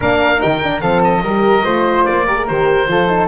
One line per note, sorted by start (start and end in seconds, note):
0.00 0.42 A#3
0.00 0.38 D4
0.00 0.81 A#4
0.00 0.41 F5
0.38 0.82 D#3
0.38 0.59 D#4
0.38 0.80 G5
0.63 0.82 D4
0.80 1.21 F3
0.80 1.23 C4
0.80 1.22 A4
0.80 1.01 F5
1.04 2.05 D#5
1.21 1.62 G3
1.21 1.64 G4
1.21 1.64 A#4
1.64 2.06 A3
1.64 2.25 F4
1.64 2.26 C5
2.05 2.50 A#3
2.05 2.46 D5
2.26 2.36 G4
2.26 2.88 A#4
2.36 2.46 G#4
2.47 2.87 D#3
2.47 2.88 G4
2.47 3.28 C5
2.87 3.28 F3
2.87 3.07 F4
2.87 3.28 A4
3.07 3.28 D#4